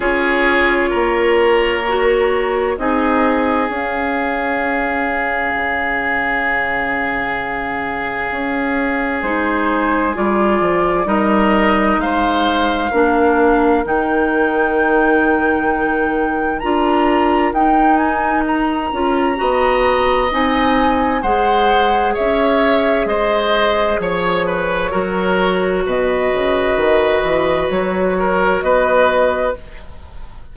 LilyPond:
<<
  \new Staff \with { instrumentName = "flute" } { \time 4/4 \tempo 4 = 65 cis''2. dis''4 | f''1~ | f''2 c''4 d''4 | dis''4 f''2 g''4~ |
g''2 ais''4 g''8 gis''8 | ais''2 gis''4 fis''4 | e''4 dis''4 cis''2 | dis''2 cis''4 dis''4 | }
  \new Staff \with { instrumentName = "oboe" } { \time 4/4 gis'4 ais'2 gis'4~ | gis'1~ | gis'1 | ais'4 c''4 ais'2~ |
ais'1~ | ais'4 dis''2 c''4 | cis''4 c''4 cis''8 b'8 ais'4 | b'2~ b'8 ais'8 b'4 | }
  \new Staff \with { instrumentName = "clarinet" } { \time 4/4 f'2 fis'4 dis'4 | cis'1~ | cis'2 dis'4 f'4 | dis'2 d'4 dis'4~ |
dis'2 f'4 dis'4~ | dis'8 f'8 fis'4 dis'4 gis'4~ | gis'2. fis'4~ | fis'1 | }
  \new Staff \with { instrumentName = "bassoon" } { \time 4/4 cis'4 ais2 c'4 | cis'2 cis2~ | cis4 cis'4 gis4 g8 f8 | g4 gis4 ais4 dis4~ |
dis2 d'4 dis'4~ | dis'8 cis'8 b4 c'4 gis4 | cis'4 gis4 f4 fis4 | b,8 cis8 dis8 e8 fis4 b4 | }
>>